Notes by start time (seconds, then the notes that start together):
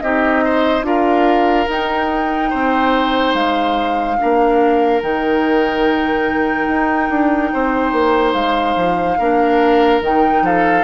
0.00 C4 D#4 G4 D#5
0.44 C5
0.82 D4 F4 A#4 F5
1.68 D#4 G5
2.50 C4 C5
3.34 G#3 F5
4.17 A#3 D4 A#4
5.01 D#3 D#4 G5
6.67 D#4
7.09 D4
7.53 C4 C5
7.92 A#3
8.33 G#3 F5
8.76 F3
9.18 A#3 D4 A#4
10.01 D#3 D#4 G5
10.42 F3 A4 F5